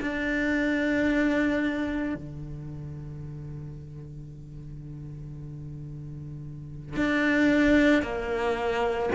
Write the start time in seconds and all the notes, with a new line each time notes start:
0.00 D4
2.14 D3
6.96 D4
8.02 A#3